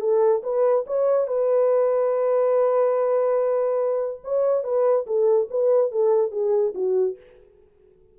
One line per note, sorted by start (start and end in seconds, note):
0.00 0.42 A4
0.43 0.85 B4
0.86 1.27 C#5
1.27 4.21 B4
4.23 4.64 C#5
4.64 5.06 B4
5.06 5.48 A4
5.50 5.91 B4
5.91 6.31 A4
6.31 6.73 G#4
6.75 7.17 F#4